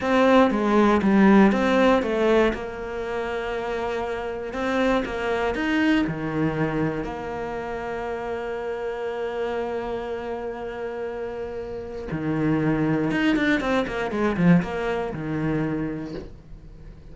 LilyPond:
\new Staff \with { instrumentName = "cello" } { \time 4/4 \tempo 4 = 119 c'4 gis4 g4 c'4 | a4 ais2.~ | ais4 c'4 ais4 dis'4 | dis2 ais2~ |
ais1~ | ais1 | dis2 dis'8 d'8 c'8 ais8 | gis8 f8 ais4 dis2 | }